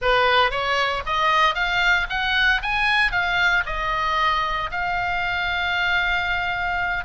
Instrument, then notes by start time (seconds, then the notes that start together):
oboe
0.01 B4
0.51 C#5
1.06 D#5
1.54 F5
2.09 F#5
2.62 G#5
3.11 F5
3.66 D#5
4.71 F5